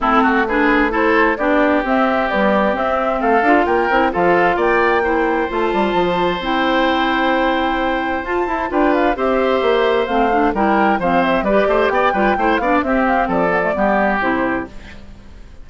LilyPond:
<<
  \new Staff \with { instrumentName = "flute" } { \time 4/4 \tempo 4 = 131 a'4 b'4 c''4 d''4 | e''4 d''4 e''4 f''4 | g''4 f''4 g''2 | a''2 g''2~ |
g''2 a''4 g''8 f''8 | e''2 f''4 g''4 | f''8 e''8 d''4 g''4. f''8 | e''8 f''8 d''2 c''4 | }
  \new Staff \with { instrumentName = "oboe" } { \time 4/4 e'8 fis'8 gis'4 a'4 g'4~ | g'2. a'4 | ais'4 a'4 d''4 c''4~ | c''1~ |
c''2. b'4 | c''2. ais'4 | c''4 b'8 c''8 d''8 b'8 c''8 d''8 | g'4 a'4 g'2 | }
  \new Staff \with { instrumentName = "clarinet" } { \time 4/4 c'4 d'4 e'4 d'4 | c'4 g4 c'4. f'8~ | f'8 e'8 f'2 e'4 | f'2 e'2~ |
e'2 f'8 e'8 f'4 | g'2 c'8 d'8 e'4 | c'4 g'4. f'8 e'8 d'8 | c'4. b16 a16 b4 e'4 | }
  \new Staff \with { instrumentName = "bassoon" } { \time 4/4 a2. b4 | c'4 b4 c'4 a8 d'8 | ais8 c'8 f4 ais2 | a8 g8 f4 c'2~ |
c'2 f'8 e'8 d'4 | c'4 ais4 a4 g4 | f4 g8 a8 b8 g8 a8 b8 | c'4 f4 g4 c4 | }
>>